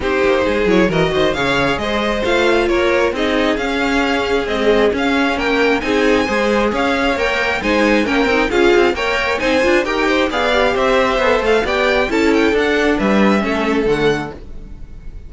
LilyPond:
<<
  \new Staff \with { instrumentName = "violin" } { \time 4/4 \tempo 4 = 134 c''4. cis''8 dis''4 f''4 | dis''4 f''4 cis''4 dis''4 | f''2 dis''4 f''4 | g''4 gis''2 f''4 |
g''4 gis''4 g''4 f''4 | g''4 gis''4 g''4 f''4 | e''4. f''8 g''4 a''8 g''8 | fis''4 e''2 fis''4 | }
  \new Staff \with { instrumentName = "violin" } { \time 4/4 g'4 gis'4 ais'8 c''8 cis''4 | c''2 ais'4 gis'4~ | gis'1 | ais'4 gis'4 c''4 cis''4~ |
cis''4 c''4 ais'4 gis'4 | cis''4 c''4 ais'8 c''8 d''4 | c''2 d''4 a'4~ | a'4 b'4 a'2 | }
  \new Staff \with { instrumentName = "viola" } { \time 4/4 dis'4. e'8 fis'4 gis'4~ | gis'4 f'2 dis'4 | cis'2 gis4 cis'4~ | cis'4 dis'4 gis'2 |
ais'4 dis'4 cis'8 dis'8 f'4 | ais'4 dis'8 f'8 g'4 gis'8 g'8~ | g'4 a'4 g'4 e'4 | d'2 cis'4 a4 | }
  \new Staff \with { instrumentName = "cello" } { \time 4/4 c'8 ais8 gis8 fis8 e8 dis8 cis4 | gis4 a4 ais4 c'4 | cis'2 c'4 cis'4 | ais4 c'4 gis4 cis'4 |
ais4 gis4 ais8 c'8 cis'8 c'8 | ais4 c'8 d'8 dis'4 b4 | c'4 b8 a8 b4 cis'4 | d'4 g4 a4 d4 | }
>>